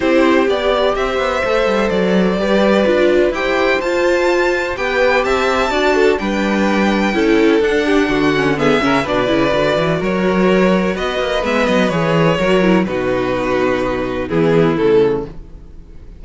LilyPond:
<<
  \new Staff \with { instrumentName = "violin" } { \time 4/4 \tempo 4 = 126 c''4 d''4 e''2 | d''2. g''4 | a''2 g''4 a''4~ | a''4 g''2. |
fis''2 e''4 d''4~ | d''4 cis''2 dis''4 | e''8 dis''8 cis''2 b'4~ | b'2 gis'4 a'4 | }
  \new Staff \with { instrumentName = "violin" } { \time 4/4 g'2 c''2~ | c''4 b'2 c''4~ | c''2 b'4 e''4 | d''8 a'8 b'2 a'4~ |
a'8 g'8 fis'4 gis'8 ais'8 b'4~ | b'4 ais'2 b'4~ | b'2 ais'4 fis'4~ | fis'2 e'2 | }
  \new Staff \with { instrumentName = "viola" } { \time 4/4 e'4 g'2 a'4~ | a'4 g'4 f'4 g'4 | f'2 g'2 | fis'4 d'2 e'4 |
d'4. cis'8 b8 cis'8 d'8 e'8 | fis'1 | b4 gis'4 fis'8 e'8 dis'4~ | dis'2 b4 a4 | }
  \new Staff \with { instrumentName = "cello" } { \time 4/4 c'4 b4 c'8 b8 a8 g8 | fis4 g4 d'4 e'4 | f'2 b4 c'4 | d'4 g2 cis'4 |
d'4 d4. cis8 b,8 cis8 | d8 e8 fis2 b8 ais8 | gis8 fis8 e4 fis4 b,4~ | b,2 e4 cis4 | }
>>